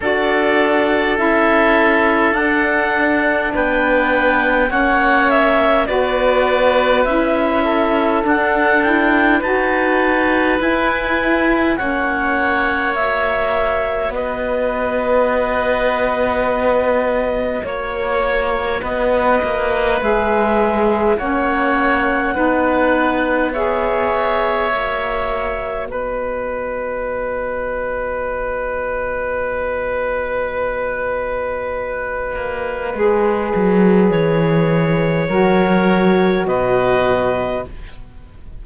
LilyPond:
<<
  \new Staff \with { instrumentName = "clarinet" } { \time 4/4 \tempo 4 = 51 d''4 e''4 fis''4 g''4 | fis''8 e''8 d''4 e''4 fis''8 g''8 | a''4 gis''4 fis''4 e''4 | dis''2. cis''4 |
dis''4 e''4 fis''2 | e''2 dis''2~ | dis''1~ | dis''4 cis''2 dis''4 | }
  \new Staff \with { instrumentName = "oboe" } { \time 4/4 a'2. b'4 | cis''4 b'4. a'4. | b'2 cis''2 | b'2. cis''4 |
b'2 cis''4 b'4 | cis''2 b'2~ | b'1~ | b'2 ais'4 b'4 | }
  \new Staff \with { instrumentName = "saxophone" } { \time 4/4 fis'4 e'4 d'2 | cis'4 fis'4 e'4 d'8 e'8 | fis'4 e'4 cis'4 fis'4~ | fis'1~ |
fis'4 gis'4 cis'4 dis'4 | gis'4 fis'2.~ | fis'1 | gis'2 fis'2 | }
  \new Staff \with { instrumentName = "cello" } { \time 4/4 d'4 cis'4 d'4 b4 | ais4 b4 cis'4 d'4 | dis'4 e'4 ais2 | b2. ais4 |
b8 ais8 gis4 ais4 b4~ | b4 ais4 b2~ | b2.~ b8 ais8 | gis8 fis8 e4 fis4 b,4 | }
>>